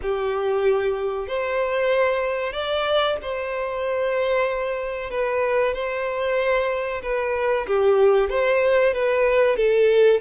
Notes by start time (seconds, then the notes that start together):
0.01 G4
1.27 C5
2.52 D5
3.22 C5
5.10 B4
5.74 C5
7.02 B4
7.66 G4
8.29 C5
8.93 B4
9.56 A4